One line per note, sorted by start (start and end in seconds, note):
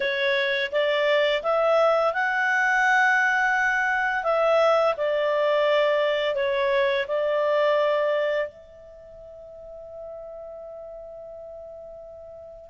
0.00 0.71 C#5
0.72 1.42 D5
1.42 2.13 E5
2.13 4.24 F#5
4.24 4.94 E5
4.97 6.35 D5
6.35 7.06 C#5
7.07 8.48 D5
8.48 12.70 E5